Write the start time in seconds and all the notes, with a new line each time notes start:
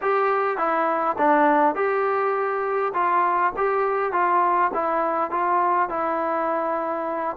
0.01 G4
0.57 E4
1.17 D4
1.75 G4
2.93 F4
3.56 G4
4.12 F4
4.74 E4
5.30 F4
5.89 E4